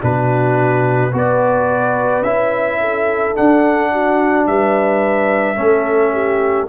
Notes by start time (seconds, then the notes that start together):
0.00 B2 D4 F#4 B4
1.12 B3 F#4 B4 D5
2.22 C#4 E4 E5
2.80 A4
3.34 D4 F#5
3.92 F#4
4.47 G3 B4 E5
5.56 A3 C#4 A4
6.12 G4